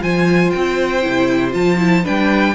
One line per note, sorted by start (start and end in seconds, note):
0.00 0.53 F3
0.00 1.02 F4
0.00 2.04 C5
0.00 0.51 G#5
0.51 1.06 C4
0.51 1.52 G5
1.02 1.54 C3
1.02 1.51 E4
1.51 2.05 F3
1.51 1.77 F4
1.51 2.05 A5
1.78 2.04 E4
2.04 2.55 G3
2.04 2.55 D4
2.04 2.54 B4
2.04 2.55 G5